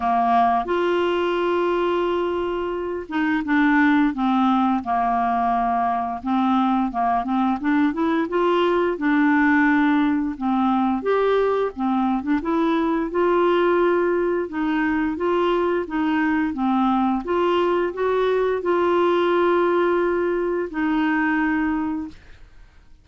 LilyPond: \new Staff \with { instrumentName = "clarinet" } { \time 4/4 \tempo 4 = 87 ais4 f'2.~ | f'8 dis'8 d'4 c'4 ais4~ | ais4 c'4 ais8 c'8 d'8 e'8 | f'4 d'2 c'4 |
g'4 c'8. d'16 e'4 f'4~ | f'4 dis'4 f'4 dis'4 | c'4 f'4 fis'4 f'4~ | f'2 dis'2 | }